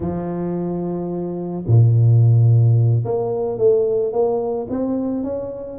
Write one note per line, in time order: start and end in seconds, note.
0.00 1.64 F3
1.67 3.04 A#2
3.04 3.58 A#3
3.58 4.12 A3
4.12 4.67 A#3
4.69 5.23 C4
5.23 5.78 C#4